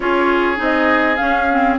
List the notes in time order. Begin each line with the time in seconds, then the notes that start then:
0.00 C#4 F4 G#4 C#5
0.56 C4 D#4
0.62 D#5
1.16 C#4 F5
1.50 C4